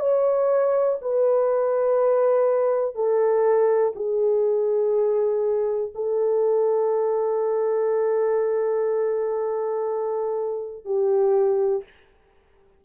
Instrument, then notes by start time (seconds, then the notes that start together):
horn
0.00 C#5
1.01 B4
2.95 A4
3.95 G#4
5.95 A4
10.85 G4